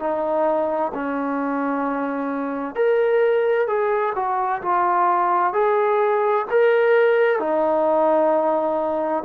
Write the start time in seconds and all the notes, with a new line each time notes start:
0.00 D#4
0.94 C#4
2.76 A#4
3.68 G#4
4.16 F#4
4.62 F4
5.54 G#4
6.51 A#4
7.40 D#4